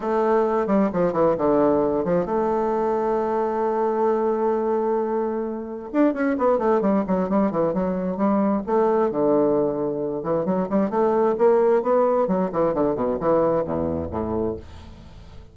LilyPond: \new Staff \with { instrumentName = "bassoon" } { \time 4/4 \tempo 4 = 132 a4. g8 f8 e8 d4~ | d8 f8 a2.~ | a1~ | a4 d'8 cis'8 b8 a8 g8 fis8 |
g8 e8 fis4 g4 a4 | d2~ d8 e8 fis8 g8 | a4 ais4 b4 fis8 e8 | d8 b,8 e4 e,4 a,4 | }